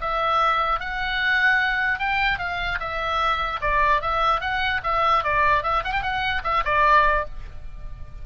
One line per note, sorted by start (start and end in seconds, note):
0.00 0.79 E5
0.79 1.98 F#5
1.98 2.38 G5
2.38 2.78 F5
2.79 3.60 E5
3.61 4.01 D5
4.01 4.40 E5
4.40 4.80 F#5
4.83 5.23 E5
5.23 5.63 D5
5.63 5.83 E5
5.84 5.92 F#5
5.92 6.02 G5
6.02 6.42 F#5
6.43 6.63 E5
6.64 7.24 D5